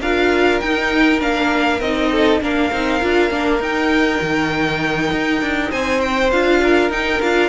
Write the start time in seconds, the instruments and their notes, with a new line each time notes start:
0.00 cello D4, viola F4, violin A#4 F5
0.60 viola D#4, cello D#4, violin G5
1.19 cello A#3, viola D4, violin F5
1.80 cello C4, viola D#4, violin D#5
2.11 violin A4
2.40 cello A#3, viola D4, violin A#4 F5
2.72 cello C4, viola D#4
3.00 cello D4, viola F4
3.30 cello A#3, viola D4
3.59 cello D#4, viola D#4, violin G5
4.21 cello D#3
5.12 cello D#4
5.41 cello D4
5.70 cello C4, violin C5 G#5
6.00 violin G5
6.31 cello D4, viola F4, violin F5
6.63 violin A#4
6.89 cello D#4, viola D#4, violin G5
7.21 cello D4, viola F4, violin F5